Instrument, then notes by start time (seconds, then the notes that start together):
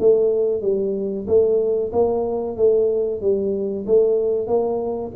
tuba
0.00 A3
0.62 G3
1.28 A3
1.93 A#3
2.57 A3
3.22 G3
3.87 A3
4.48 A#3